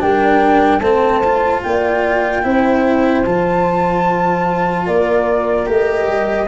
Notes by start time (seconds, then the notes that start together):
0.00 G3 D4 A#4 G5
0.80 A3 C4 C5 A5
1.24 F4
1.63 A#3 D5 G5
2.43 C4 E4 C5
3.25 F3 F4 A5
4.86 A#3 A#4 D5
5.66 A3 G4 D#5
6.08 G3